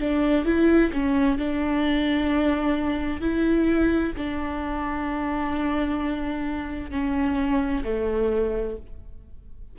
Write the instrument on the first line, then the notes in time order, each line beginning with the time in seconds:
viola
0.00 D4
0.46 E4
0.93 C#4
1.38 D4
3.21 E4
4.17 D4
6.91 C#4
7.84 A3